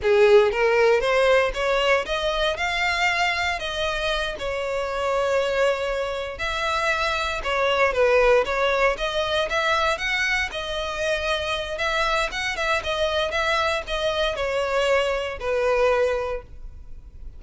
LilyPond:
\new Staff \with { instrumentName = "violin" } { \time 4/4 \tempo 4 = 117 gis'4 ais'4 c''4 cis''4 | dis''4 f''2 dis''4~ | dis''8 cis''2.~ cis''8~ | cis''8 e''2 cis''4 b'8~ |
b'8 cis''4 dis''4 e''4 fis''8~ | fis''8 dis''2~ dis''8 e''4 | fis''8 e''8 dis''4 e''4 dis''4 | cis''2 b'2 | }